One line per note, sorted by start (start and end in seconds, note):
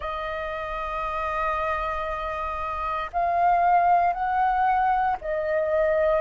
0.00 3.10 D#5
3.12 4.13 F5
4.13 5.16 F#5
5.21 6.21 D#5